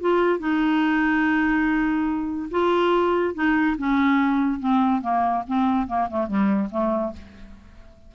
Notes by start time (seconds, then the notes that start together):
0.00 F4
0.39 D#4
2.51 F4
3.34 D#4
3.78 C#4
4.59 C4
5.01 A#3
5.47 C4
5.87 A#3
6.09 A3
6.27 G3
6.71 A3